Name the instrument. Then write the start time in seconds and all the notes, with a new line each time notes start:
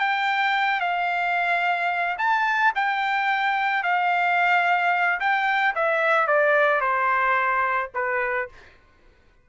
trumpet
0.00 G5
0.81 F5
2.18 A5
2.76 G5
3.84 F5
5.20 G5
5.75 E5
6.28 D5
6.81 C5
7.95 B4